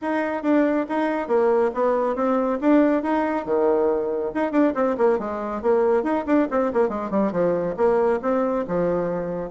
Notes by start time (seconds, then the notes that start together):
0.01 D#4
0.42 D4
0.88 D#4
1.27 A#3
1.74 B3
2.15 C4
2.60 D4
3.03 D#4
3.45 D#3
4.34 D#4
4.51 D4
4.75 C4
4.97 A#3
5.18 G#3
5.61 A#3
6.03 D#4
6.26 D4
6.51 C4
6.73 A#3
6.88 G#3
7.10 G3
7.32 F3
7.76 A#3
8.22 C4
8.67 F3